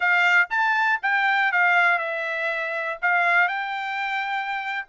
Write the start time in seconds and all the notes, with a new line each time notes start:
0.00 F5
0.50 A5
1.02 G5
1.52 F5
1.98 E5
3.02 F5
3.47 G5